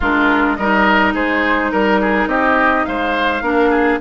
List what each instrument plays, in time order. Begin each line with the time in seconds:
0.00 bassoon G#3, clarinet D4, oboe F4, flute A#4
0.55 bassoon G3, clarinet D#4, oboe A#4, flute D#5
1.14 bassoon G#3, oboe G#4, flute C5
1.71 bassoon G3, flute A#4, oboe A#4
2.00 oboe G#4
2.26 bassoon C4, oboe G4, flute D#5
2.85 bassoon G#3, oboe C5, flute F5
3.41 bassoon A#3, clarinet D4, oboe A#4
3.70 oboe G#4